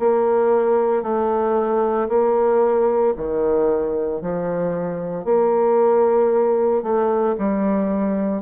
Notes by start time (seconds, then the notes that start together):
0.00 A#3
1.03 A3
2.09 A#3
3.17 D#3
4.22 F3
5.25 A#3
6.83 A3
7.39 G3